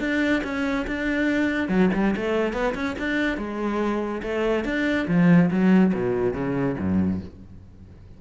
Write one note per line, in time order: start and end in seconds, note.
0.00 0.42 D4
0.44 0.86 C#4
0.87 1.69 D4
1.69 1.90 F#3
1.94 2.15 G3
2.16 2.53 A3
2.53 2.74 B3
2.75 2.96 C#4
2.99 3.38 D4
3.38 4.22 G#3
4.23 4.65 A3
4.65 5.07 D4
5.08 5.50 F3
5.51 5.93 F#3
5.94 6.34 B2
6.34 6.76 C#3
6.79 7.21 F#2